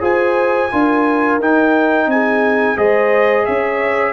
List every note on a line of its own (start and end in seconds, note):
0.00 0.71 F4
0.00 0.69 G#4
0.00 0.71 C5
0.00 1.42 G#5
0.72 1.39 D4
0.72 1.41 F4
0.72 2.10 A#4
1.39 2.07 D#4
1.39 2.77 D#4
1.39 2.11 G5
2.07 2.76 C4
2.07 2.77 G#4
2.07 2.78 G#5
2.77 3.46 G#3
2.77 4.13 G#4
2.77 3.46 C5
2.77 3.46 D#5
3.46 4.13 C#4
3.46 4.13 C#5
3.46 4.13 E5